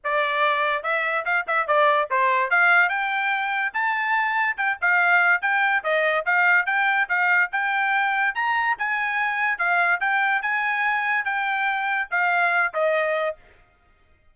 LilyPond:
\new Staff \with { instrumentName = "trumpet" } { \time 4/4 \tempo 4 = 144 d''2 e''4 f''8 e''8 | d''4 c''4 f''4 g''4~ | g''4 a''2 g''8 f''8~ | f''4 g''4 dis''4 f''4 |
g''4 f''4 g''2 | ais''4 gis''2 f''4 | g''4 gis''2 g''4~ | g''4 f''4. dis''4. | }